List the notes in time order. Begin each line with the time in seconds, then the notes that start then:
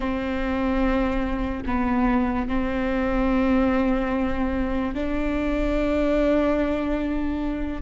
0.00 C4
1.66 B3
2.48 C4
4.94 D4